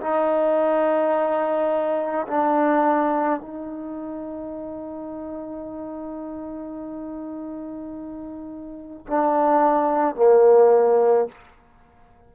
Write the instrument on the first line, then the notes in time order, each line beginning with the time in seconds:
trombone
0.00 D#4
2.27 D4
3.40 D#4
9.07 D4
10.16 A#3